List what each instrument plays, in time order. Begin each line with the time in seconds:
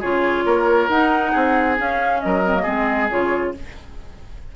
0.00 bassoon C#3, clarinet F4, oboe G#4, flute C#5
0.45 bassoon A#3, oboe A#4
0.88 bassoon D#4, clarinet D#4, flute F#5
1.32 bassoon C4, oboe G#4
1.77 clarinet C#4, bassoon C#4, flute F5
2.20 bassoon F#3, oboe A#4, flute D#5
2.45 clarinet C4
2.55 clarinet A#3
2.62 bassoon G#3, clarinet C4, oboe G#4
3.10 bassoon C#3, clarinet F4, flute C#5